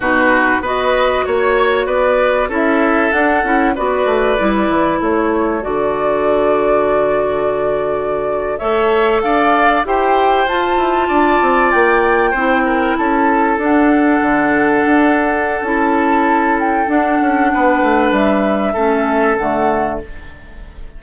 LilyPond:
<<
  \new Staff \with { instrumentName = "flute" } { \time 4/4 \tempo 4 = 96 b'4 dis''4 cis''4 d''4 | e''4 fis''4 d''2 | cis''4 d''2.~ | d''4.~ d''16 e''4 f''4 g''16~ |
g''8. a''2 g''4~ g''16~ | g''8. a''4 fis''2~ fis''16~ | fis''4 a''4. g''8 fis''4~ | fis''4 e''2 fis''4 | }
  \new Staff \with { instrumentName = "oboe" } { \time 4/4 fis'4 b'4 cis''4 b'4 | a'2 b'2 | a'1~ | a'4.~ a'16 cis''4 d''4 c''16~ |
c''4.~ c''16 d''2 c''16~ | c''16 ais'8 a'2.~ a'16~ | a'1 | b'2 a'2 | }
  \new Staff \with { instrumentName = "clarinet" } { \time 4/4 dis'4 fis'2. | e'4 d'8 e'8 fis'4 e'4~ | e'4 fis'2.~ | fis'4.~ fis'16 a'2 g'16~ |
g'8. f'2. e'16~ | e'4.~ e'16 d'2~ d'16~ | d'4 e'2 d'4~ | d'2 cis'4 a4 | }
  \new Staff \with { instrumentName = "bassoon" } { \time 4/4 b,4 b4 ais4 b4 | cis'4 d'8 cis'8 b8 a8 g8 e8 | a4 d2.~ | d4.~ d16 a4 d'4 e'16~ |
e'8. f'8 e'8 d'8 c'8 ais4 c'16~ | c'8. cis'4 d'4 d4 d'16~ | d'4 cis'2 d'8 cis'8 | b8 a8 g4 a4 d4 | }
>>